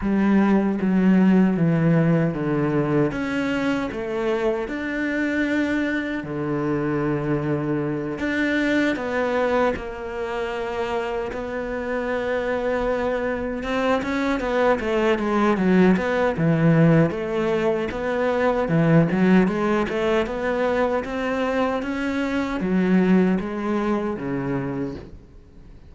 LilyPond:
\new Staff \with { instrumentName = "cello" } { \time 4/4 \tempo 4 = 77 g4 fis4 e4 d4 | cis'4 a4 d'2 | d2~ d8 d'4 b8~ | b8 ais2 b4.~ |
b4. c'8 cis'8 b8 a8 gis8 | fis8 b8 e4 a4 b4 | e8 fis8 gis8 a8 b4 c'4 | cis'4 fis4 gis4 cis4 | }